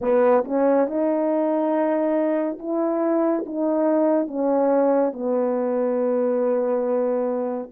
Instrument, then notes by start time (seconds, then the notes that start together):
horn
0.01 B3
0.44 C#4
0.86 D#4
2.59 E4
3.46 D#4
4.27 C#4
5.12 B3